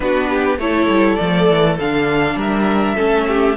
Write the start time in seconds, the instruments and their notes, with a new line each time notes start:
0.00 cello B3, viola D4, violin F#4 B4
0.29 violin G4
0.57 cello A3, viola E4, violin A4 C#5
0.88 cello G3
1.15 cello F3, viola A3, violin D5
1.49 cello E3
1.79 cello D3, viola D4, violin F5
2.35 cello G3, violin A#4 E5
2.95 cello A3, viola C#4, violin A4
3.27 violin G4